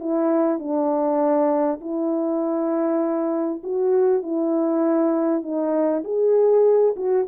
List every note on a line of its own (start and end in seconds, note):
0.00 0.59 E4
0.59 1.80 D4
1.81 3.63 E4
3.63 4.23 F#4
4.23 5.43 E4
5.43 6.03 D#4
6.04 6.95 G#4
6.96 7.26 F#4